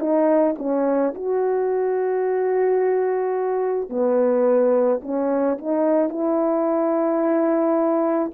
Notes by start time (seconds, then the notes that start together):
0.00 D#4
0.59 C#4
1.15 F#4
3.89 B3
5.03 C#4
5.59 D#4
6.10 E4